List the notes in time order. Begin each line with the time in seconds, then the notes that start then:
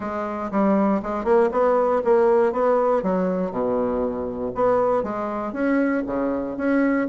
0.00 G#3
0.51 G3
1.02 G#3
1.24 A#3
1.51 B3
2.04 A#3
2.52 B3
3.02 F#3
3.51 B2
4.54 B3
5.03 G#3
5.52 C#4
6.06 C#3
6.57 C#4